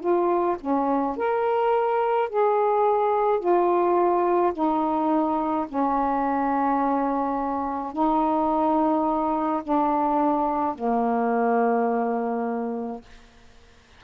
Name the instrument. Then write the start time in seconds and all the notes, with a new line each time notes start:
saxophone
0.00 F4
0.61 C#4
1.17 A#4
2.29 G#4
3.40 F4
4.53 D#4
5.68 C#4
7.92 D#4
9.63 D4
10.75 A#3